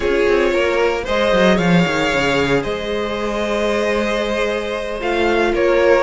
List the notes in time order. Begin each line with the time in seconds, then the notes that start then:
0.00 C#4 F4 G#4 C#5
0.28 C4
0.53 A#3 A#4
1.04 G#3 G#4 C5 D#5
1.32 F#3
1.54 F3 C#5 F5
1.86 D#3
2.13 C#3
2.62 G#3 C5 D#5
5.00 A3 F4 F5
5.53 A#3 A#4 C#5